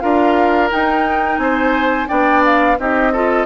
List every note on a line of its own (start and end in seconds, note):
0.00 0.72 D4
0.00 0.70 F4
0.00 1.41 A#4
0.00 0.69 F5
0.71 2.08 D#4
0.71 1.38 D#4
0.71 1.39 G5
1.38 2.07 C4
1.38 2.09 C5
1.38 2.07 G#5
2.08 2.79 B3
2.08 2.77 D4
2.08 2.78 D5
2.08 2.43 G5
2.45 2.80 F5
2.79 3.46 C4
2.79 3.13 D#4
2.79 3.13 G4
2.79 3.46 D#5
3.13 3.46 F4
3.13 3.46 A4